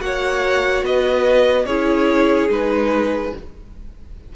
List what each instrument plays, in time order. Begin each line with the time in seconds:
0.00 cello A#3, viola F#4, violin C#5 F#5
0.83 cello B3, violin B4 D#5
1.66 cello C#4, viola E4, violin G#4 C#5
2.49 cello G#3, viola D#4, violin B4